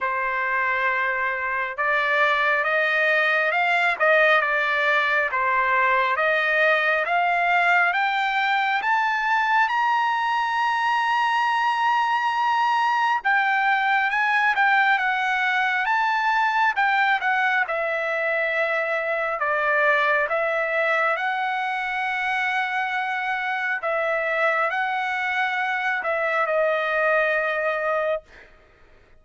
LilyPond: \new Staff \with { instrumentName = "trumpet" } { \time 4/4 \tempo 4 = 68 c''2 d''4 dis''4 | f''8 dis''8 d''4 c''4 dis''4 | f''4 g''4 a''4 ais''4~ | ais''2. g''4 |
gis''8 g''8 fis''4 a''4 g''8 fis''8 | e''2 d''4 e''4 | fis''2. e''4 | fis''4. e''8 dis''2 | }